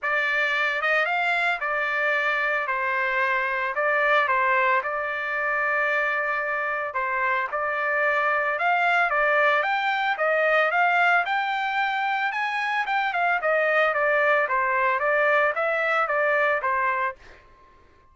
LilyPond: \new Staff \with { instrumentName = "trumpet" } { \time 4/4 \tempo 4 = 112 d''4. dis''8 f''4 d''4~ | d''4 c''2 d''4 | c''4 d''2.~ | d''4 c''4 d''2 |
f''4 d''4 g''4 dis''4 | f''4 g''2 gis''4 | g''8 f''8 dis''4 d''4 c''4 | d''4 e''4 d''4 c''4 | }